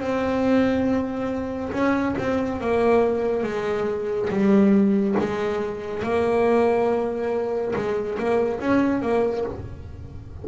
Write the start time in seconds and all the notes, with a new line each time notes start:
0.00 C4
1.72 C#4
2.18 C4
2.60 A#3
3.43 G#3
4.29 G3
5.19 G#3
6.03 A#3
7.75 G#3
8.19 A#3
8.60 C#4
9.01 A#3